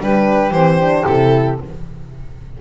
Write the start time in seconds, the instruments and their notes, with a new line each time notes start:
0.00 double bass G3, horn D4, flute G4, violin B4
0.51 double bass E3, horn C4, violin C5
0.81 horn D4
1.06 double bass C3, horn E4, violin A4